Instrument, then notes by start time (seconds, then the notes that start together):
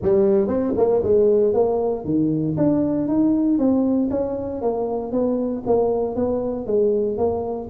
tuba
0.02 G3
0.47 C4
0.77 A#3
1.03 G#3
1.53 A#3
2.05 D#3
2.57 D4
3.08 D#4
3.58 C4
4.10 C#4
4.61 A#3
5.12 B3
5.66 A#3
6.15 B3
6.66 G#3
7.17 A#3